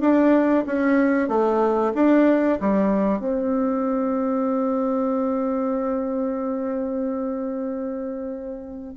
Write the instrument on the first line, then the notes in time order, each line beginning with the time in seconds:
bassoon
0.00 D4
0.66 C#4
1.28 A3
1.94 D4
2.60 G3
3.19 C4